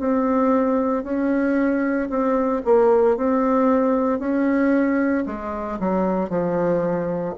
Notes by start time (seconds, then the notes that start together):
0.00 C4
1.04 C#4
2.10 C4
2.65 A#3
3.17 C4
4.19 C#4
5.26 G#3
5.80 F#3
6.30 F3